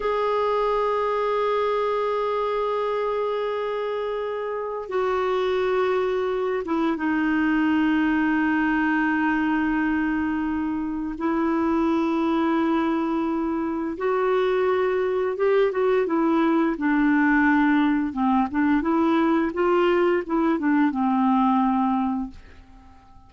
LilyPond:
\new Staff \with { instrumentName = "clarinet" } { \time 4/4 \tempo 4 = 86 gis'1~ | gis'2. fis'4~ | fis'4. e'8 dis'2~ | dis'1 |
e'1 | fis'2 g'8 fis'8 e'4 | d'2 c'8 d'8 e'4 | f'4 e'8 d'8 c'2 | }